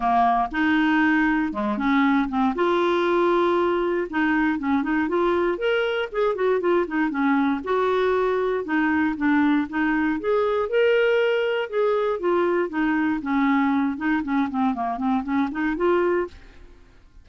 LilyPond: \new Staff \with { instrumentName = "clarinet" } { \time 4/4 \tempo 4 = 118 ais4 dis'2 gis8 cis'8~ | cis'8 c'8 f'2. | dis'4 cis'8 dis'8 f'4 ais'4 | gis'8 fis'8 f'8 dis'8 cis'4 fis'4~ |
fis'4 dis'4 d'4 dis'4 | gis'4 ais'2 gis'4 | f'4 dis'4 cis'4. dis'8 | cis'8 c'8 ais8 c'8 cis'8 dis'8 f'4 | }